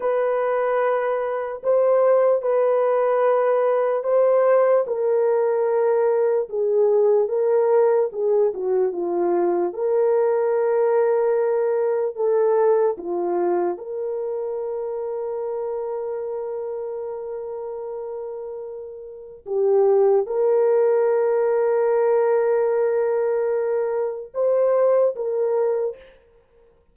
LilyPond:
\new Staff \with { instrumentName = "horn" } { \time 4/4 \tempo 4 = 74 b'2 c''4 b'4~ | b'4 c''4 ais'2 | gis'4 ais'4 gis'8 fis'8 f'4 | ais'2. a'4 |
f'4 ais'2.~ | ais'1 | g'4 ais'2.~ | ais'2 c''4 ais'4 | }